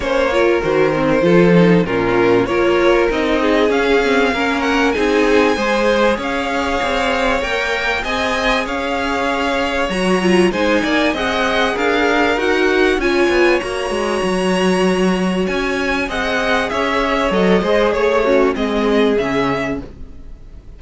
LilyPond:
<<
  \new Staff \with { instrumentName = "violin" } { \time 4/4 \tempo 4 = 97 cis''4 c''2 ais'4 | cis''4 dis''4 f''4. fis''8 | gis''2 f''2 | g''4 gis''4 f''2 |
ais''4 gis''4 fis''4 f''4 | fis''4 gis''4 ais''2~ | ais''4 gis''4 fis''4 e''4 | dis''4 cis''4 dis''4 e''4 | }
  \new Staff \with { instrumentName = "violin" } { \time 4/4 c''8 ais'4. a'4 f'4 | ais'4. gis'4. ais'4 | gis'4 c''4 cis''2~ | cis''4 dis''4 cis''2~ |
cis''4 c''8 d''8 dis''4 ais'4~ | ais'4 cis''2.~ | cis''2 dis''4 cis''4~ | cis''8 c''8 cis''8 cis'8 gis'2 | }
  \new Staff \with { instrumentName = "viola" } { \time 4/4 cis'8 f'8 fis'8 c'8 f'8 dis'8 cis'4 | f'4 dis'4 cis'8 c'8 cis'4 | dis'4 gis'2. | ais'4 gis'2. |
fis'8 f'8 dis'4 gis'2 | fis'4 f'4 fis'2~ | fis'2 gis'2 | a'8 gis'4 fis'8 c'4 cis'4 | }
  \new Staff \with { instrumentName = "cello" } { \time 4/4 ais4 dis4 f4 ais,4 | ais4 c'4 cis'4 ais4 | c'4 gis4 cis'4 c'4 | ais4 c'4 cis'2 |
fis4 gis8 ais8 c'4 d'4 | dis'4 cis'8 b8 ais8 gis8 fis4~ | fis4 cis'4 c'4 cis'4 | fis8 gis8 a4 gis4 cis4 | }
>>